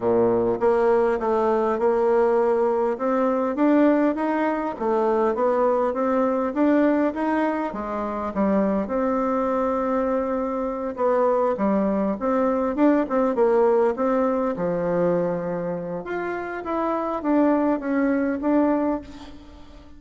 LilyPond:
\new Staff \with { instrumentName = "bassoon" } { \time 4/4 \tempo 4 = 101 ais,4 ais4 a4 ais4~ | ais4 c'4 d'4 dis'4 | a4 b4 c'4 d'4 | dis'4 gis4 g4 c'4~ |
c'2~ c'8 b4 g8~ | g8 c'4 d'8 c'8 ais4 c'8~ | c'8 f2~ f8 f'4 | e'4 d'4 cis'4 d'4 | }